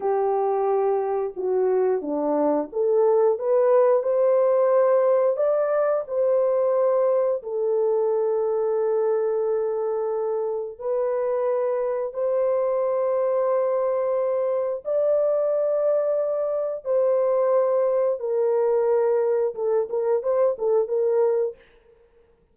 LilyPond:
\new Staff \with { instrumentName = "horn" } { \time 4/4 \tempo 4 = 89 g'2 fis'4 d'4 | a'4 b'4 c''2 | d''4 c''2 a'4~ | a'1 |
b'2 c''2~ | c''2 d''2~ | d''4 c''2 ais'4~ | ais'4 a'8 ais'8 c''8 a'8 ais'4 | }